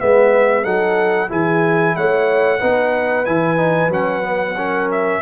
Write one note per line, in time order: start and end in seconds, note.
0.00 0.65 G#3
0.00 0.65 B3
0.00 0.63 B4
0.00 0.65 E5
0.63 1.30 F#3
0.63 1.29 D#4
0.63 1.28 A4
0.63 1.30 F#5
1.29 1.96 E3
1.29 2.60 E4
1.29 1.95 G#4
1.29 1.96 G#5
1.96 2.62 A3
1.96 2.60 C#5
1.96 3.26 F#5
2.60 3.27 B3
2.60 3.25 D#4
2.60 4.55 B4
3.26 3.88 E3
3.26 3.58 E4
3.26 3.91 G#5
3.58 3.90 D#4
3.88 5.19 F#3
3.88 4.23 C#4
3.88 4.91 F#5
4.23 4.55 B3
4.57 5.23 C#4
4.57 5.22 A#4
4.92 5.23 E5